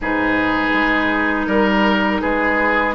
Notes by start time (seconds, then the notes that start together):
0.01 G#2 D#4 G#4 B4
0.73 G#3
1.46 G3 A#4
2.21 G#3 G#4 B4